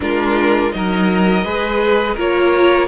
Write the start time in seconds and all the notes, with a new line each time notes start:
0.00 G#3 D4 F4 A#4
0.71 F#3 D#4 A#4 D#5
1.44 G#3 G#4 B4
2.14 A#3 F4 A#4 C#5